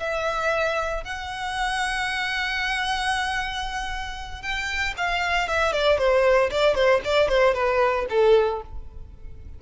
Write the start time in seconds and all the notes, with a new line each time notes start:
0.00 E5
1.04 F#5
4.42 G5
4.98 F5
5.48 E5
5.72 D5
5.98 C5
6.51 D5
6.75 C5
7.05 D5
7.28 C5
7.54 B4
8.10 A4